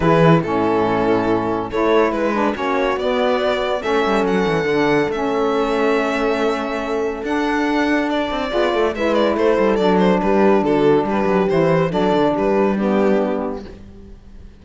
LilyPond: <<
  \new Staff \with { instrumentName = "violin" } { \time 4/4 \tempo 4 = 141 b'4 a'2. | cis''4 b'4 cis''4 d''4~ | d''4 e''4 fis''2 | e''1~ |
e''4 fis''2 d''4~ | d''4 e''8 d''8 c''4 d''8 c''8 | b'4 a'4 b'4 c''4 | d''4 b'4 g'2 | }
  \new Staff \with { instrumentName = "horn" } { \time 4/4 gis'4 e'2. | a'4 b'4 fis'2~ | fis'4 a'2.~ | a'1~ |
a'1 | gis'8 a'8 b'4 a'2 | g'4 fis'4 g'2 | a'4 g'4 d'2 | }
  \new Staff \with { instrumentName = "saxophone" } { \time 4/4 e'4 cis'2. | e'4. d'8 cis'4 b4~ | b4 cis'2 d'4 | cis'1~ |
cis'4 d'2. | f'4 e'2 d'4~ | d'2. e'4 | d'2 b2 | }
  \new Staff \with { instrumentName = "cello" } { \time 4/4 e4 a,2. | a4 gis4 ais4 b4~ | b4 a8 g8 fis8 e8 d4 | a1~ |
a4 d'2~ d'8 c'8 | b8 a8 gis4 a8 g8 fis4 | g4 d4 g8 fis8 e4 | fis8 d8 g2. | }
>>